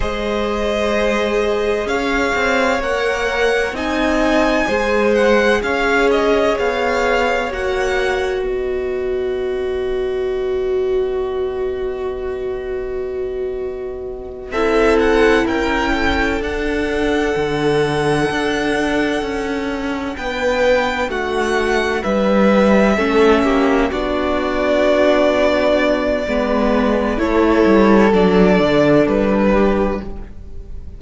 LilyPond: <<
  \new Staff \with { instrumentName = "violin" } { \time 4/4 \tempo 4 = 64 dis''2 f''4 fis''4 | gis''4. fis''8 f''8 dis''8 f''4 | fis''4 dis''2.~ | dis''2.~ dis''8 e''8 |
fis''8 g''4 fis''2~ fis''8~ | fis''4. g''4 fis''4 e''8~ | e''4. d''2~ d''8~ | d''4 cis''4 d''4 b'4 | }
  \new Staff \with { instrumentName = "violin" } { \time 4/4 c''2 cis''2 | dis''4 c''4 cis''2~ | cis''4 b'2.~ | b'2.~ b'8 a'8~ |
a'8 ais'8 a'2.~ | a'4. b'4 fis'4 b'8~ | b'8 a'8 g'8 fis'2~ fis'8 | b'4 a'2~ a'8 g'8 | }
  \new Staff \with { instrumentName = "viola" } { \time 4/4 gis'2. ais'4 | dis'4 gis'2. | fis'1~ | fis'2.~ fis'8 e'8~ |
e'4. d'2~ d'8~ | d'1~ | d'8 cis'4 d'2~ d'8 | b4 e'4 d'2 | }
  \new Staff \with { instrumentName = "cello" } { \time 4/4 gis2 cis'8 c'8 ais4 | c'4 gis4 cis'4 b4 | ais4 b2.~ | b2.~ b8 c'8~ |
c'8 cis'4 d'4 d4 d'8~ | d'8 cis'4 b4 a4 g8~ | g8 a8 ais8 b2~ b8 | gis4 a8 g8 fis8 d8 g4 | }
>>